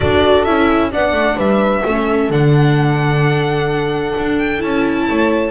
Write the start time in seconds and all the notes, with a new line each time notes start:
0.00 D4 F#4 A4 D5
0.44 C#4 E4 E5
0.91 B3 D4 D5 F#5
1.12 A3
1.36 G3 B4 E5
1.85 A3 C#4 A4
2.29 D3 D4 F#5
4.17 D4
4.38 G5
4.58 C#4 E4 A5
5.08 A3 C#5